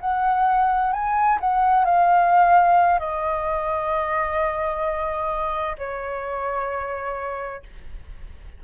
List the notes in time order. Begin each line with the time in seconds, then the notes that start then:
0.00 F#5
0.93 G#5
1.40 F#5
1.85 F5
2.99 D#5
5.78 C#5